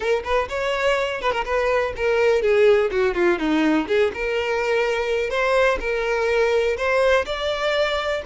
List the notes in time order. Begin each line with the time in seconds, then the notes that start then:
0.00 A#4
0.24 B4
0.49 C#5
1.21 B4
1.32 A#4
1.44 B4
1.96 A#4
2.41 G#4
2.91 F#4
3.14 F4
3.38 D#4
3.87 G#4
4.13 A#4
5.30 C5
5.80 A#4
6.77 C5
7.25 D5